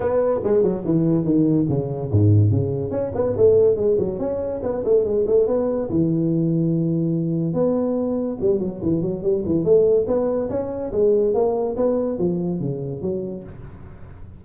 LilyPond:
\new Staff \with { instrumentName = "tuba" } { \time 4/4 \tempo 4 = 143 b4 gis8 fis8 e4 dis4 | cis4 gis,4 cis4 cis'8 b8 | a4 gis8 fis8 cis'4 b8 a8 | gis8 a8 b4 e2~ |
e2 b2 | g8 fis8 e8 fis8 g8 e8 a4 | b4 cis'4 gis4 ais4 | b4 f4 cis4 fis4 | }